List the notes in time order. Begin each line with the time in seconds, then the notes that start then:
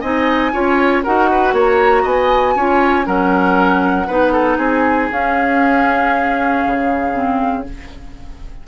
0.00 C4 D#4 D#5 G#5
0.52 C#4 F4 C#5
1.03 D#4 F#4 A#4 F#5
1.31 B4
1.52 A#3 C#5 A#5
2.02 B3 D#5 G#5
2.55 C#4 F4 C#5
3.04 F#3 C#4 A#4 F#5
4.07 B3 D#4 B4
4.32 A4
4.57 C4 G#4 G#5
5.11 C#4 F5
6.65 C#3
7.13 C4